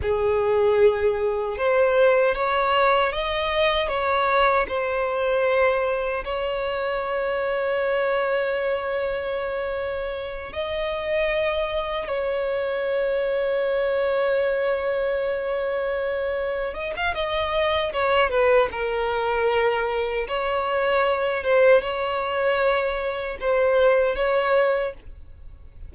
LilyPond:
\new Staff \with { instrumentName = "violin" } { \time 4/4 \tempo 4 = 77 gis'2 c''4 cis''4 | dis''4 cis''4 c''2 | cis''1~ | cis''4. dis''2 cis''8~ |
cis''1~ | cis''4. dis''16 f''16 dis''4 cis''8 b'8 | ais'2 cis''4. c''8 | cis''2 c''4 cis''4 | }